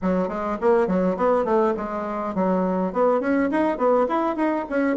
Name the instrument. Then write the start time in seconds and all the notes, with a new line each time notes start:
bassoon
0.02 F#3
0.28 G#3
0.60 A#3
0.87 F#3
1.17 B3
1.44 A3
1.76 G#3
2.34 F#3
2.93 B3
3.20 C#4
3.51 D#4
3.77 B3
4.08 E4
4.36 D#4
4.69 C#4